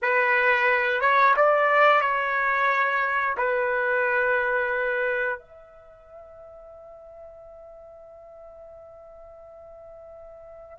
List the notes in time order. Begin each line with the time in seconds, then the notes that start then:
0.02 B4
1.01 C#5
1.36 D5
2.01 C#5
3.37 B4
5.39 E5